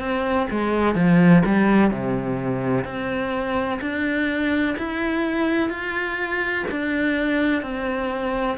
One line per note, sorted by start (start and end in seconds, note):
0.00 0.48 C4
0.51 0.96 G#3
0.96 1.43 F3
1.46 1.91 G3
1.91 2.85 C3
2.85 3.80 C4
3.81 4.77 D4
4.78 5.70 E4
5.70 6.65 F4
6.71 7.63 D4
7.63 8.58 C4